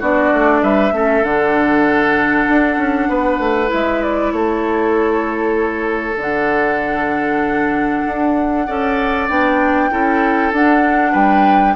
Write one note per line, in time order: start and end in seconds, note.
0.00 0.32 B3
0.00 0.93 D4
0.00 0.62 F#4
0.00 0.64 D5
0.33 0.62 A3
0.62 0.92 G3
0.62 0.93 B4
0.62 1.24 E5
0.92 1.23 A3
0.92 1.24 C#4
0.92 3.10 A4
1.23 2.47 D3
1.23 3.67 D4
1.23 3.72 F#5
2.49 2.77 D4
2.77 3.08 C#4
3.09 3.39 B3
3.09 4.33 B4
3.39 3.70 A3
3.67 6.15 E4
3.67 4.03 E5
3.73 4.33 G#3
4.03 4.32 D5
4.32 6.17 A3
4.32 8.67 A4
4.32 6.18 C#5
6.17 8.02 D3
6.17 8.69 D4
6.17 9.29 F#5
8.07 8.68 D4
8.67 9.29 C#4
8.67 9.30 A4
8.67 9.90 D5
9.29 9.91 B3
9.29 9.91 D4
9.29 10.52 G5
9.91 10.53 C#4
9.91 10.52 E4
9.91 11.12 A4
10.53 11.14 D4
10.53 11.76 D4
10.53 11.14 F#5
11.12 11.76 G3
11.12 11.74 B4
11.12 11.76 G5